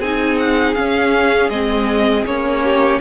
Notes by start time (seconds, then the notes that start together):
0.00 C4 D#4 G#4 G#5
0.40 F#5
0.75 C#4 F5
1.50 G#3 C4 D#5
2.26 A#3 C#4 C#5
2.64 G4